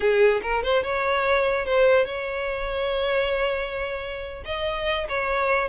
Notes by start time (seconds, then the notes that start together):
0.00 G#4
0.42 A#4
0.63 C5
0.83 C#5
1.65 C5
2.05 C#5
4.45 D#5
5.08 C#5